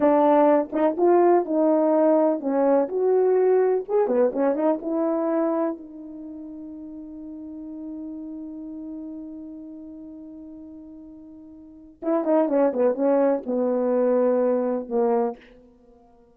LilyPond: \new Staff \with { instrumentName = "horn" } { \time 4/4 \tempo 4 = 125 d'4. dis'8 f'4 dis'4~ | dis'4 cis'4 fis'2 | gis'8 b8 cis'8 dis'8 e'2 | dis'1~ |
dis'1~ | dis'1~ | dis'4 e'8 dis'8 cis'8 b8 cis'4 | b2. ais4 | }